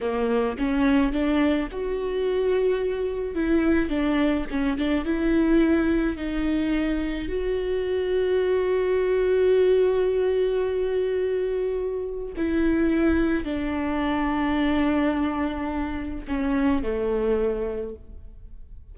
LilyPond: \new Staff \with { instrumentName = "viola" } { \time 4/4 \tempo 4 = 107 ais4 cis'4 d'4 fis'4~ | fis'2 e'4 d'4 | cis'8 d'8 e'2 dis'4~ | dis'4 fis'2.~ |
fis'1~ | fis'2 e'2 | d'1~ | d'4 cis'4 a2 | }